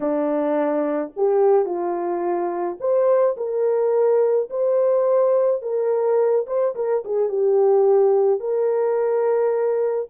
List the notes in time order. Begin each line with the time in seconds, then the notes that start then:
0.00 D4
1.16 G4
1.65 F4
2.80 C5
3.36 A#4
4.50 C5
5.62 A#4
6.46 C5
6.75 A#4
7.04 G#4
7.28 G4
8.40 A#4